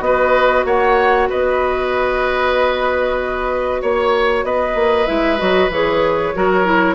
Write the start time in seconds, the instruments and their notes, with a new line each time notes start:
0.00 bassoon B3, clarinet F#4, oboe B4, flute D#5
0.65 bassoon A#3, oboe C#5, flute F#5
1.29 bassoon B3, oboe B4, flute D#5
3.82 bassoon A#3, oboe C#5, flute C#5
4.44 bassoon B3, oboe B4, flute D#5
4.75 bassoon A#3
5.06 bassoon G#3, clarinet E4, flute E5
5.38 bassoon F#3, clarinet F#4, flute D#5
5.69 bassoon E3, clarinet G#4, flute C#5
6.35 bassoon F#3, clarinet F#4, oboe A#4
6.65 clarinet E4